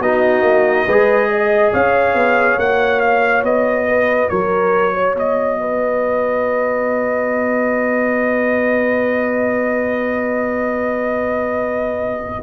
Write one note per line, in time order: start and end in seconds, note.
0.00 0.42 B3
0.00 0.89 D#4
0.00 0.86 F#4
0.00 1.73 D#5
0.42 0.85 A#3
0.86 1.73 G#3
0.86 2.61 G#4
0.86 1.29 B4
1.30 1.73 D#5
1.73 2.15 C#4
1.73 3.87 C#5
1.73 2.60 F5
2.15 2.58 B3
2.58 3.44 A#3
2.58 12.44 F#4
2.58 3.01 F#5
3.01 3.43 F5
3.44 4.29 B3
3.44 4.30 D#5
3.89 4.31 B4
4.30 5.14 F#3
4.30 4.94 A#4
4.30 5.15 C#5
4.94 5.59 C#5
5.14 12.43 B3
5.14 12.44 D#5
5.61 12.44 B4